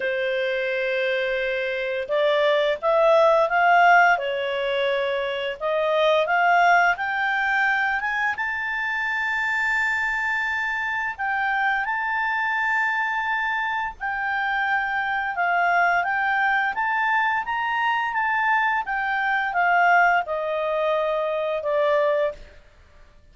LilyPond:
\new Staff \with { instrumentName = "clarinet" } { \time 4/4 \tempo 4 = 86 c''2. d''4 | e''4 f''4 cis''2 | dis''4 f''4 g''4. gis''8 | a''1 |
g''4 a''2. | g''2 f''4 g''4 | a''4 ais''4 a''4 g''4 | f''4 dis''2 d''4 | }